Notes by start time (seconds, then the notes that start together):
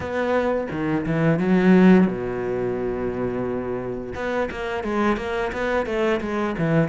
0.00 B3
0.71 D#3
1.05 E3
1.39 F#3
2.07 B2
4.14 B3
4.50 A#3
4.83 G#3
5.17 A#3
5.52 B3
5.86 A3
6.21 G#3
6.58 E3